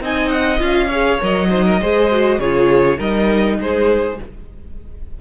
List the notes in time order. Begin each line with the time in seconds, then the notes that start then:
0.00 C4 D#4 D#5 G#5
0.29 F#5
0.58 C#4 F4 F5
0.88 G#4 C#5
1.19 F#3 A#4 D#5
1.49 D#4 C5
1.65 A#4
1.80 G#3 G#4 C5
2.10 F#4
2.38 C#3 F4 G#4 C#5
2.97 G3 D#4 A#4 D#5
3.59 G#3 G#4 C5